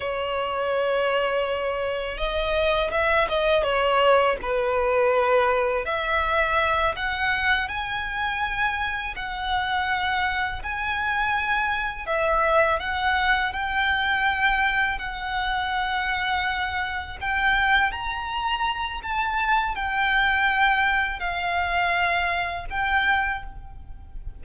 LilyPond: \new Staff \with { instrumentName = "violin" } { \time 4/4 \tempo 4 = 82 cis''2. dis''4 | e''8 dis''8 cis''4 b'2 | e''4. fis''4 gis''4.~ | gis''8 fis''2 gis''4.~ |
gis''8 e''4 fis''4 g''4.~ | g''8 fis''2. g''8~ | g''8 ais''4. a''4 g''4~ | g''4 f''2 g''4 | }